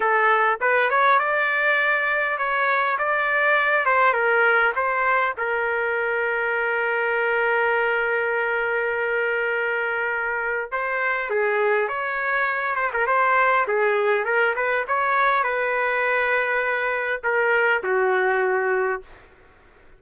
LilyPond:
\new Staff \with { instrumentName = "trumpet" } { \time 4/4 \tempo 4 = 101 a'4 b'8 cis''8 d''2 | cis''4 d''4. c''8 ais'4 | c''4 ais'2.~ | ais'1~ |
ais'2 c''4 gis'4 | cis''4. c''16 ais'16 c''4 gis'4 | ais'8 b'8 cis''4 b'2~ | b'4 ais'4 fis'2 | }